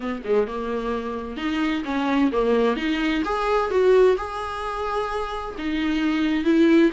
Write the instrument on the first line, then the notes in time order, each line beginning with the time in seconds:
viola
0.00 B3
0.24 G#3
0.47 A#3
1.37 D#4
1.85 C#4
2.32 A#3
2.76 D#4
3.24 G#4
3.70 F#4
4.17 G#4
5.58 D#4
6.44 E4